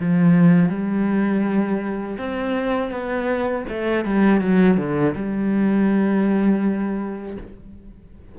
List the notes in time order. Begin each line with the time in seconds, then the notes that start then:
0.00 F3
0.69 G3
2.18 C4
2.91 B3
3.69 A3
4.05 G3
4.41 F#3
4.78 D3
5.15 G3